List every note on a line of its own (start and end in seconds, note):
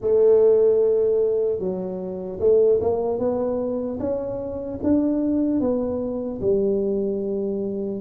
0.01 1.59 A3
1.59 2.39 F#3
2.39 2.79 A3
2.80 3.19 A#3
3.19 3.99 B3
3.99 4.79 C#4
4.83 5.60 D4
5.60 6.40 B3
6.41 8.00 G3